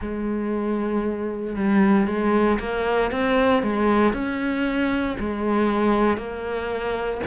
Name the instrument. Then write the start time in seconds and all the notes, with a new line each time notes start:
cello
0.00 G#3
1.55 G3
2.07 G#3
2.59 A#3
3.11 C4
3.62 G#3
4.13 C#4
5.19 G#3
6.17 A#3